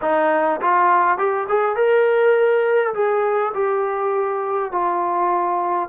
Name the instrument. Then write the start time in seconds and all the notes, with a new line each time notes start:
trombone
0.01 D#4
0.61 F4
1.18 G4
1.49 G#4
1.75 A#4
2.94 G#4
3.53 G4
4.71 F4